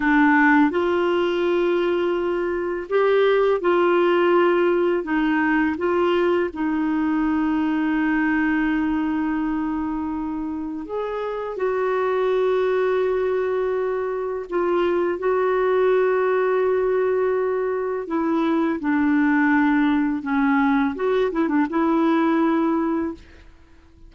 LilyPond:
\new Staff \with { instrumentName = "clarinet" } { \time 4/4 \tempo 4 = 83 d'4 f'2. | g'4 f'2 dis'4 | f'4 dis'2.~ | dis'2. gis'4 |
fis'1 | f'4 fis'2.~ | fis'4 e'4 d'2 | cis'4 fis'8 e'16 d'16 e'2 | }